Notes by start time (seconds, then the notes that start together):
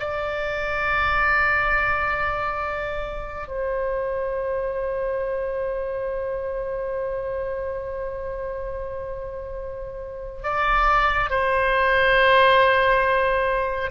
0.00 D5
3.48 C5
10.43 D5
11.30 C5